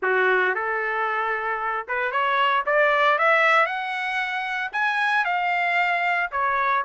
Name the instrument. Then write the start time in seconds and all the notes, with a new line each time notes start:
trumpet
0.02 F#4
0.54 A4
1.88 B4
2.11 C#5
2.66 D5
3.18 E5
3.66 F#5
4.72 G#5
5.25 F5
6.31 C#5